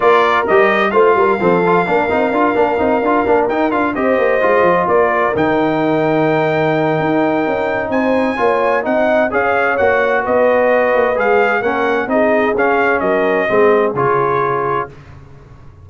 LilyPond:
<<
  \new Staff \with { instrumentName = "trumpet" } { \time 4/4 \tempo 4 = 129 d''4 dis''4 f''2~ | f''2.~ f''8 g''8 | f''8 dis''2 d''4 g''8~ | g''1~ |
g''4 gis''2 fis''4 | f''4 fis''4 dis''2 | f''4 fis''4 dis''4 f''4 | dis''2 cis''2 | }
  \new Staff \with { instrumentName = "horn" } { \time 4/4 ais'2 c''8 ais'8 a'4 | ais'1~ | ais'8 c''2 ais'4.~ | ais'1~ |
ais'4 c''4 cis''4 dis''4 | cis''2 b'2~ | b'4 ais'4 gis'2 | ais'4 gis'2. | }
  \new Staff \with { instrumentName = "trombone" } { \time 4/4 f'4 g'4 f'4 c'8 f'8 | d'8 dis'8 f'8 d'8 dis'8 f'8 d'8 dis'8 | f'8 g'4 f'2 dis'8~ | dis'1~ |
dis'2 f'4 dis'4 | gis'4 fis'2. | gis'4 cis'4 dis'4 cis'4~ | cis'4 c'4 f'2 | }
  \new Staff \with { instrumentName = "tuba" } { \time 4/4 ais4 g4 a8 g8 f4 | ais8 c'8 d'8 ais8 c'8 d'8 ais8 dis'8 | d'8 c'8 ais8 gis8 f8 ais4 dis8~ | dis2. dis'4 |
cis'4 c'4 ais4 c'4 | cis'4 ais4 b4. ais8 | gis4 ais4 c'4 cis'4 | fis4 gis4 cis2 | }
>>